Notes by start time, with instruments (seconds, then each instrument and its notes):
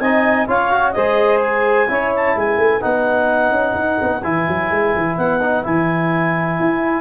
0.00 tuba C4, trombone D#4, saxophone D#5, clarinet G#5
0.47 tuba C#4, trombone F4, saxophone C#5, clarinet F5
0.71 trombone F#4
0.92 tuba G#3, trombone G#4, saxophone C5, clarinet D#5
1.42 clarinet G#5
1.88 tuba C#4, trombone E4, saxophone C#5
2.16 clarinet A5
2.36 tuba G#3, saxophone B4, clarinet G#5
2.57 tuba A3
2.81 tuba B3, trombone D#4, clarinet F#5
3.51 tuba C#4
3.74 tuba D#4
4.02 tuba B3
4.22 tuba E3, trombone E4, clarinet G#5
4.48 tuba F#3
4.71 tuba G#3
4.96 tuba E3
5.17 tuba B3, clarinet F#5
5.41 trombone D#4
5.63 tuba E3, trombone E4, clarinet G#5
6.60 tuba E4